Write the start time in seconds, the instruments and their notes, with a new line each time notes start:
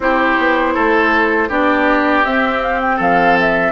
0.00 bassoon C4, clarinet E4, oboe G4, flute C5
0.38 bassoon B3
0.73 bassoon A3, oboe A4
1.49 bassoon B3, clarinet D4, oboe G4, flute D5
2.24 bassoon C4, clarinet C4, flute E5
2.62 flute F5
2.81 flute G5
2.96 bassoon F3, oboe A4, flute F5
3.40 flute E5